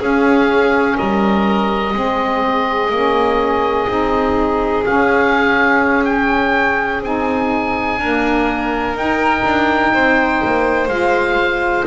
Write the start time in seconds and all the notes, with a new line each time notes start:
0.00 C#4 G#4 F5
0.97 G3 A#4 D#5
1.93 G#3 C4 G#4
2.91 A#3 C#4
3.88 C4 D#4
4.84 C#4 F5
6.05 G5
7.02 C4 D#4 G#5
7.98 A#3 D4 A#4
8.95 D#4 G5
9.44 D4
9.93 C4 C5
10.45 A#3
10.88 G#3 F4 F5